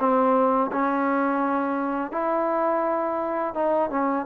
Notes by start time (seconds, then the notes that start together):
0.00 C4
0.72 C#4
2.12 E4
3.55 D#4
3.91 C#4